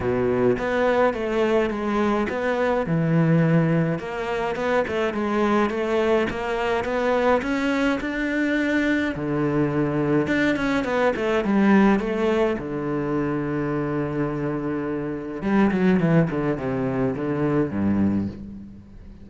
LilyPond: \new Staff \with { instrumentName = "cello" } { \time 4/4 \tempo 4 = 105 b,4 b4 a4 gis4 | b4 e2 ais4 | b8 a8 gis4 a4 ais4 | b4 cis'4 d'2 |
d2 d'8 cis'8 b8 a8 | g4 a4 d2~ | d2. g8 fis8 | e8 d8 c4 d4 g,4 | }